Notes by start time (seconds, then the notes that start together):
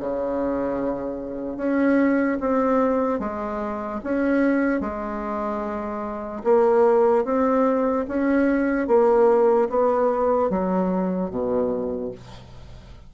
0.00 C#3
1.57 C#4
2.40 C4
3.20 G#3
4.04 C#4
4.81 G#3
6.44 A#3
7.25 C4
8.08 C#4
8.88 A#3
9.70 B3
10.50 F#3
11.30 B2